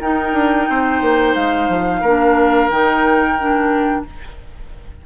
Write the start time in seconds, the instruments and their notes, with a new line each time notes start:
0.00 bassoon D#4, clarinet D#4, oboe A#4, flute G5
0.32 bassoon D4
0.69 bassoon C4, oboe C5
1.01 bassoon A#3
1.35 bassoon G#3, flute F5
1.68 bassoon F3
2.01 bassoon A#3, clarinet D4, oboe A#4
2.70 bassoon D#3, clarinet D#4, flute G5
3.38 clarinet D4